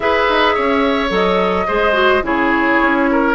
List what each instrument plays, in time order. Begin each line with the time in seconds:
0.00 bassoon E4, clarinet G#4, oboe B4, flute E5
0.29 bassoon D#4
0.54 bassoon C#4, oboe C#5
1.09 bassoon F#3, clarinet A4, flute D#5
1.67 bassoon G#3, clarinet G#4, oboe C5
1.93 clarinet F#4
2.22 bassoon C#3, clarinet E4, oboe G#4, flute C#5
2.81 bassoon C#4
3.11 oboe A#4